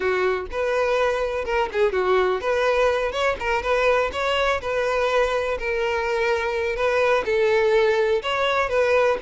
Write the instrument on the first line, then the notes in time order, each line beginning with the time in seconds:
violin
0.00 F#4
0.51 B4
1.45 A#4
1.72 G#4
1.92 F#4
2.40 B4
3.12 C#5
3.39 A#4
3.62 B4
4.12 C#5
4.61 B4
5.58 A#4
6.75 B4
7.25 A4
8.22 C#5
8.69 B4